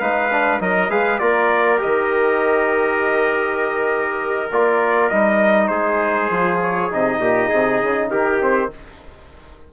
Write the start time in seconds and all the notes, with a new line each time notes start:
0.00 G#3 D#4 B4 F5
0.32 D4
0.60 F#3 D#4 A#4 D#5
0.90 G#3 G#4 B4 F5
1.19 A#3 F4 A#4 D5
1.78 G4 D#5
1.85 D#3
4.51 A#3 F4 D5
5.09 G3 D#4 D#5
5.68 G#3 G#4 C5
6.30 F3 F4
6.62 C#5
6.91 C3 D#4 D#5
7.19 A#2 G4
7.48 C3 G#4
7.82 C#3
8.10 D#3 G4 A#4
8.41 C4 C5